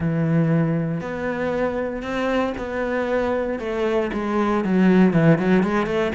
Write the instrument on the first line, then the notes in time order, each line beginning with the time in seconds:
cello
0.00 E3
1.00 B3
2.02 C4
2.57 B3
3.59 A3
4.13 G#3
4.64 F#3
5.13 E3
5.38 F#3
5.63 G#3
5.86 A3